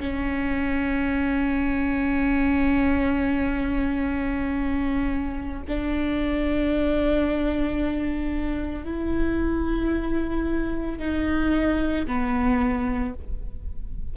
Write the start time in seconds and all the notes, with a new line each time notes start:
0.00 C#4
5.68 D4
8.84 E4
10.99 D#4
12.06 B3